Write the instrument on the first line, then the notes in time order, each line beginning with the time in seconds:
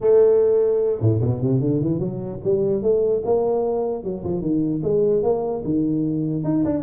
tuba
0.00 A3
1.00 A2
1.21 B2
1.41 C3
1.60 D3
1.80 E3
1.99 F#3
2.43 G3
2.82 A3
3.25 A#3
4.03 F#3
4.23 F3
4.41 D#3
4.83 G#3
5.23 A#3
5.64 D#3
6.44 D#4
6.64 D4